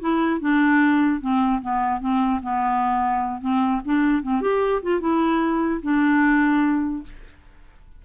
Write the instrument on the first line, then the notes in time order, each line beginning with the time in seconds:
clarinet
0.00 E4
0.40 D4
1.21 C4
1.61 B3
2.01 C4
2.43 B3
3.41 C4
3.85 D4
4.23 C4
4.41 G4
4.83 F4
5.00 E4
5.82 D4